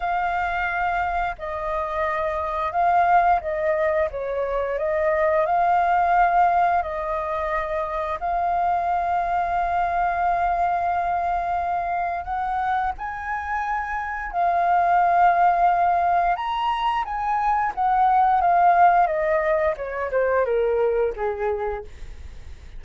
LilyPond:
\new Staff \with { instrumentName = "flute" } { \time 4/4 \tempo 4 = 88 f''2 dis''2 | f''4 dis''4 cis''4 dis''4 | f''2 dis''2 | f''1~ |
f''2 fis''4 gis''4~ | gis''4 f''2. | ais''4 gis''4 fis''4 f''4 | dis''4 cis''8 c''8 ais'4 gis'4 | }